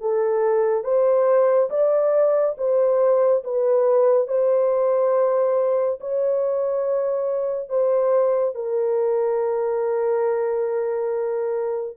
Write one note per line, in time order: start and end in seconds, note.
0.00 0.84 A4
0.84 1.69 C5
1.69 2.55 D5
2.57 3.43 C5
3.44 4.27 B4
4.27 5.99 C5
6.00 7.69 C#5
7.69 8.54 C5
8.54 11.97 A#4